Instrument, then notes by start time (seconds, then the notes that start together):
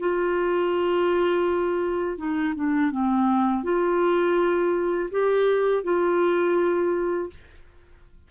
clarinet
0.00 F4
2.18 D#4
2.55 D4
2.91 C4
3.64 F4
5.11 G4
5.84 F4